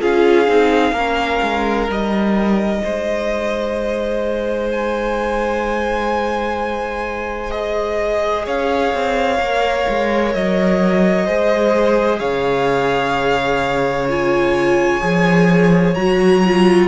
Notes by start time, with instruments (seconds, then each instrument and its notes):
0.00 cello C#4, viola F4, violin G#4 F5
0.47 cello C4, viola D#4
0.92 cello A#3, viola C#4, violin A#4
1.42 cello G#3
1.88 cello G3, viola D#4, violin D#5
2.84 cello G#3, violin C5
4.70 violin G#5
7.50 viola G#4, violin D#5
8.45 cello C#4, violin C#5 F5
8.94 cello C4
9.39 cello A#3, viola A#4
9.89 cello G#3
10.34 cello F#3, violin D#5
11.26 cello G#3, viola G#4, violin C5
12.19 cello C#3, violin C#5 F5
14.09 viola F4, violin G#5
15.01 cello F3, viola G#4
15.94 cello F#3, viola F#4, violin A#5
16.45 viola F4